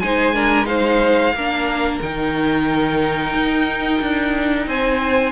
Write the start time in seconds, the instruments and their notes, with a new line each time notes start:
0.00 cello G#3, viola D#4, violin C5 G#5
0.33 viola D4, violin A#4
0.65 viola D#4, violin C5 F5
1.33 cello A#3, viola D4, violin A#4
2.02 cello D#3, viola D#4, violin G5
3.34 cello D#4
4.01 cello D4
4.67 cello C4, violin C5 G#5